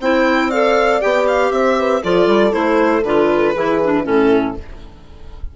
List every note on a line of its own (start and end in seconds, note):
0.00 1.01 C4
0.00 0.53 E4
0.00 0.50 C5
0.00 0.51 G5
0.50 1.02 A4
0.50 1.51 D5
0.50 1.01 F5
1.01 1.51 B3
1.01 2.03 G4
1.01 1.27 G5
1.28 1.52 F5
1.51 2.02 C4
1.51 1.78 C5
1.51 2.03 E5
1.79 2.03 B4
2.03 2.27 F3
2.03 2.52 F4
2.03 3.54 A4
2.03 2.53 D5
2.27 2.52 G3
2.52 3.04 A3
2.52 3.03 E4
2.52 3.03 C5
3.04 3.54 D3
3.04 3.57 F4
3.04 4.05 B4
3.54 4.06 E3
3.54 3.82 E4
3.54 4.04 G#4
3.84 4.04 D4
4.04 4.57 A2
4.04 4.55 C#4
4.04 4.55 E4
4.04 4.56 A4